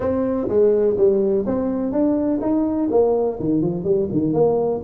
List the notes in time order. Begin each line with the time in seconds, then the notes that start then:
0.00 C4
0.48 G#3
0.97 G3
1.46 C4
1.91 D4
2.41 D#4
2.90 A#3
3.39 D#3
3.61 F3
3.84 G3
4.11 D#3
4.33 A#3